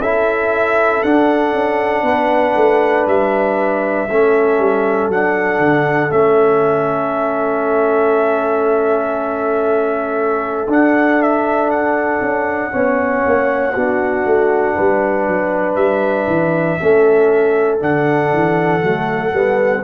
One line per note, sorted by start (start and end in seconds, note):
0.00 1.02 C#4
0.00 1.04 E4
0.00 2.04 A4
0.00 1.03 E5
1.03 4.09 D4
1.03 1.54 D4
1.03 3.06 F#5
1.54 2.03 C#4
2.03 2.54 B3
2.03 4.08 B4
2.56 3.07 A3
3.07 4.08 G3
3.07 5.11 E5
4.09 4.59 A3
4.09 5.12 C#4
4.09 12.72 A4
4.59 5.08 G3
5.08 5.59 F#3
5.08 6.10 D4
5.08 6.12 F#5
5.59 6.10 D3
6.10 10.68 A3
6.10 10.67 C#4
6.10 10.69 E5
10.68 12.20 D4
10.68 12.72 D4
10.68 11.22 F#5
11.22 11.70 E5
11.70 15.75 F#5
12.21 12.72 C#4
12.72 13.25 B3
12.72 13.73 C#4
12.72 13.74 C#5
13.26 13.76 A#3
13.74 14.25 B3
13.74 16.80 D4
13.74 14.75 F#4
14.25 14.76 A3
14.75 15.27 G3
14.75 16.78 B4
15.27 15.76 F#3
15.75 16.26 G3
15.75 17.79 E5
16.27 16.78 E3
16.80 17.82 A3
16.80 17.80 C#4
16.80 19.84 A4
17.80 18.33 D3
17.80 18.81 D4
17.80 19.84 F#5
18.33 18.83 E3
18.82 19.33 F#3
18.82 19.32 A3
19.32 19.83 G3
19.32 19.83 B3